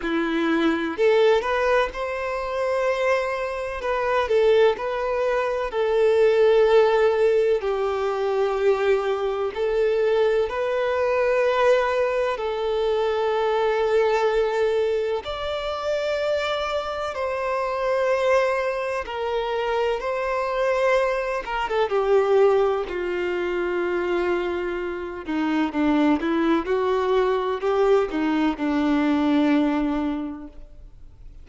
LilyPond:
\new Staff \with { instrumentName = "violin" } { \time 4/4 \tempo 4 = 63 e'4 a'8 b'8 c''2 | b'8 a'8 b'4 a'2 | g'2 a'4 b'4~ | b'4 a'2. |
d''2 c''2 | ais'4 c''4. ais'16 a'16 g'4 | f'2~ f'8 dis'8 d'8 e'8 | fis'4 g'8 dis'8 d'2 | }